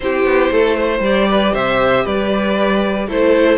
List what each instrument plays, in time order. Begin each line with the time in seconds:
0.00 cello C4, viola E4, violin G4 C5
0.24 cello B3
0.51 cello A3, violin A4
0.76 violin C5
0.99 cello G3, viola G4, violin D5
1.28 violin B4
1.52 cello C3, violin C5 E5
2.04 cello G3, violin B4 D5
3.07 cello A3, viola E4, violin A4 C5